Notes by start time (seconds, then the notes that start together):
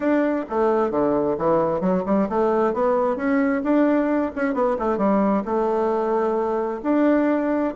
0.00 D4
0.49 A3
0.90 D3
1.37 E3
1.81 F#3
2.05 G3
2.29 A3
2.73 B3
3.16 C#4
3.63 D4
4.35 C#4
4.54 B3
4.78 A3
4.97 G3
5.45 A3
6.83 D4